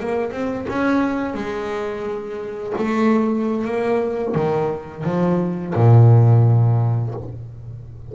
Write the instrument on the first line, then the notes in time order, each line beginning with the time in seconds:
double bass
0.00 A#3
0.31 C4
0.68 C#4
1.34 G#3
2.78 A3
3.65 A#3
4.35 D#3
5.04 F3
5.75 A#2